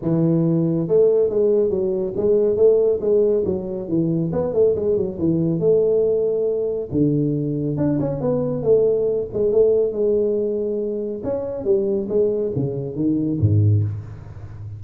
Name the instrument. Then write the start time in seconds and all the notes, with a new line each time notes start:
tuba
0.02 E3
0.88 A3
1.29 G#3
1.70 F#3
2.16 G#3
2.56 A3
3.01 G#3
3.45 F#3
3.88 E3
4.32 B3
4.53 A3
4.75 G#3
4.96 F#3
5.19 E3
5.59 A3
6.91 D3
7.77 D4
8.00 C#4
8.20 B3
8.63 A3
9.33 G#3
9.52 A3
9.92 G#3
11.23 C#4
11.64 G3
12.08 G#3
12.55 C#3
12.95 D#3
13.40 G#2